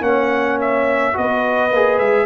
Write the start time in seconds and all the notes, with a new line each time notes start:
0.00 A#3 C#4 C#5 F#5
0.60 E5
1.13 B3 F#4 B4 D#5
1.72 A#3 G#4
1.98 G#3 E5